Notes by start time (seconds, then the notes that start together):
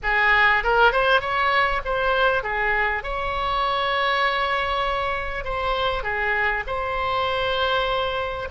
0.02 G#4
0.63 A#4
0.91 C5
1.20 C#5
1.84 C5
2.43 G#4
3.03 C#5
5.44 C5
6.03 G#4
6.66 C5